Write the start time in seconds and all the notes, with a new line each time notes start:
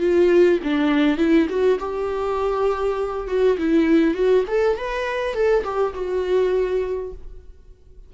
0.00 F4
0.64 D4
1.18 E4
1.49 F#4
1.79 G4
3.28 F#4
3.58 E4
4.14 F#4
4.48 A4
4.77 B4
5.34 A4
5.64 G4
5.94 F#4